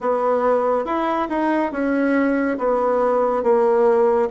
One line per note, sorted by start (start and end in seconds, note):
0.00 0.85 B3
0.85 1.28 E4
1.29 1.71 D#4
1.71 2.57 C#4
2.58 3.43 B3
3.43 4.29 A#3